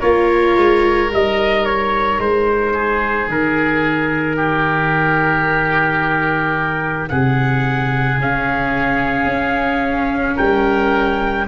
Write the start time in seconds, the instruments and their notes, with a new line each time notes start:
0.00 tuba A#3, viola F4, oboe A#4, trumpet C#5
0.57 tuba G#3
1.10 tuba G3, viola D#4, trumpet D#5
1.65 trumpet C#5
2.19 tuba G#3, trumpet C5
2.74 oboe G#4
3.27 tuba D#3, trumpet A#4
4.36 oboe G4
7.09 tuba C3, oboe G#4, trumpet F#5
8.18 tuba C#3, viola C#4, trumpet F5
9.26 tuba C#4
10.36 tuba G3, oboe A#4, trumpet G5